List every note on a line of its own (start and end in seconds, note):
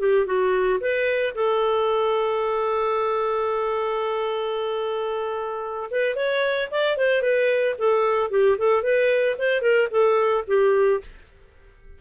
0.00 0.27 G4
0.27 0.80 F#4
0.81 1.34 B4
1.35 5.91 A4
5.91 6.16 B4
6.16 6.70 C#5
6.71 6.98 D5
6.98 7.23 C5
7.23 7.76 B4
7.79 8.31 A4
8.31 8.58 G4
8.58 8.83 A4
8.83 9.37 B4
9.39 9.62 C5
9.62 9.89 A#4
9.91 10.45 A4
10.48 11.01 G4